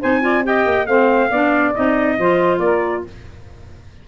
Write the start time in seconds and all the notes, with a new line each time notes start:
0.00 C4 D#4 C5 G#5
0.21 F4 D5
0.44 G4 D#5 G5
0.65 A#3
0.86 A3 C4 C5 F5
1.29 B3 D4 D5
1.74 C4 D#4 D#5
2.18 F3 F4 C5
2.59 A#3 A#4 D5